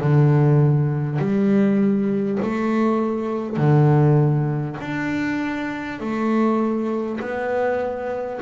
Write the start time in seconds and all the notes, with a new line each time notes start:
0.00 D3
1.18 G3
2.42 A3
3.57 D3
4.81 D4
5.99 A3
7.20 B3